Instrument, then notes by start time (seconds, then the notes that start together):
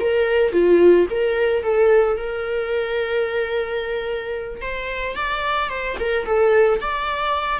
viola
0.00 A#4
0.52 F4
1.11 A#4
1.63 A4
2.17 A#4
4.61 C5
5.16 D5
5.70 C5
6.00 A#4
6.26 A4
6.81 D5